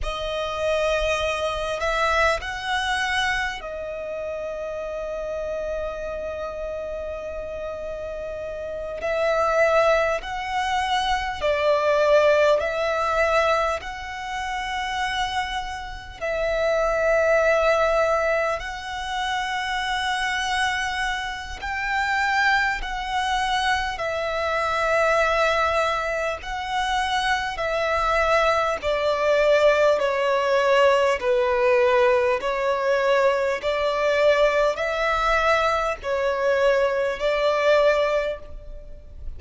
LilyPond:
\new Staff \with { instrumentName = "violin" } { \time 4/4 \tempo 4 = 50 dis''4. e''8 fis''4 dis''4~ | dis''2.~ dis''8 e''8~ | e''8 fis''4 d''4 e''4 fis''8~ | fis''4. e''2 fis''8~ |
fis''2 g''4 fis''4 | e''2 fis''4 e''4 | d''4 cis''4 b'4 cis''4 | d''4 e''4 cis''4 d''4 | }